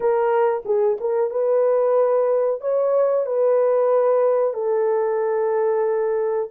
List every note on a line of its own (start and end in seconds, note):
0.00 0.63 A#4
0.65 0.98 G#4
1.00 1.30 A#4
1.30 2.61 B4
2.61 3.25 C#5
3.25 4.53 B4
4.53 6.49 A4